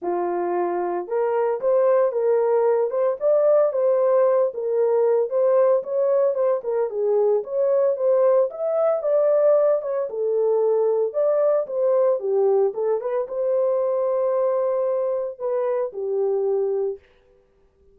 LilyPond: \new Staff \with { instrumentName = "horn" } { \time 4/4 \tempo 4 = 113 f'2 ais'4 c''4 | ais'4. c''8 d''4 c''4~ | c''8 ais'4. c''4 cis''4 | c''8 ais'8 gis'4 cis''4 c''4 |
e''4 d''4. cis''8 a'4~ | a'4 d''4 c''4 g'4 | a'8 b'8 c''2.~ | c''4 b'4 g'2 | }